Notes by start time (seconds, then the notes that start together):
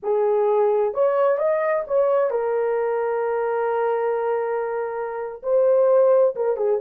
0.03 G#4
0.94 C#5
1.37 D#5
1.87 C#5
2.30 A#4
5.42 C5
6.35 A#4
6.56 G#4